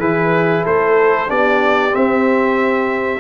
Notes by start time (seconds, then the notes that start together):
0.00 E3 E4 G#4 B4
0.65 A3 A4 C5
1.28 B3 D4 G4 D5
1.91 C4 E5